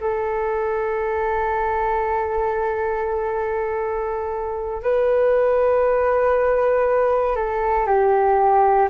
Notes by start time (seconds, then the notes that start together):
0.00 A4
4.83 B4
7.35 A4
7.87 G4